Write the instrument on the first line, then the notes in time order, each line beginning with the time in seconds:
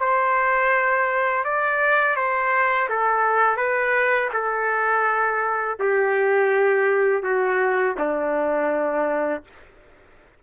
trumpet
0.00 C5
1.44 D5
2.16 C5
2.89 A4
3.57 B4
4.33 A4
5.79 G4
7.23 F#4
7.98 D4